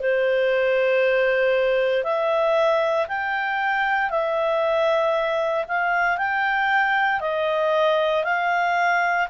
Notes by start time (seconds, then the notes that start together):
0.00 C5
2.04 E5
3.08 G5
4.10 E5
5.68 F5
6.17 G5
7.20 D#5
8.24 F5